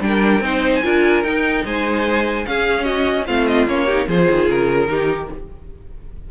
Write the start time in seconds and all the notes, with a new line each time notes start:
0.00 G3 D4 A#4 G5
0.40 C4 D#4 C5
0.74 G#5
0.83 D4 F4 A#4
1.23 D#4 G5
1.64 G#3 C5 G#5
2.45 C#4 G#4 F5
2.84 F#4 D#5
3.26 A3 C4 F4 F5
3.47 D#5
3.66 A#3 C#4 C#5
3.86 D#4 G4
4.07 F3 F4 G#4 C5
4.31 D#3
4.48 C#3 A#4
4.87 D#3 D#4 G4